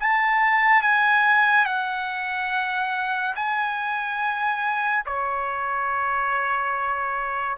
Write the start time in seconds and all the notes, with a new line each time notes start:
0.00 A5
0.82 G#5
1.66 F#5
3.36 G#5
5.06 C#5